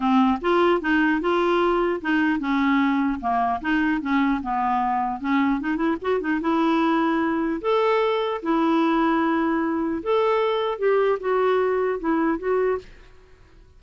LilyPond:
\new Staff \with { instrumentName = "clarinet" } { \time 4/4 \tempo 4 = 150 c'4 f'4 dis'4 f'4~ | f'4 dis'4 cis'2 | ais4 dis'4 cis'4 b4~ | b4 cis'4 dis'8 e'8 fis'8 dis'8 |
e'2. a'4~ | a'4 e'2.~ | e'4 a'2 g'4 | fis'2 e'4 fis'4 | }